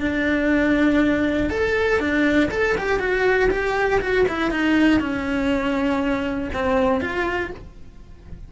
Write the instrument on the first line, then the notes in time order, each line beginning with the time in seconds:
cello
0.00 D4
1.50 A4
1.99 D4
2.50 A4
2.77 G4
2.99 F#4
3.50 G4
4.00 F#4
4.28 E4
4.50 D#4
5.00 C#4
6.53 C4
7.00 F4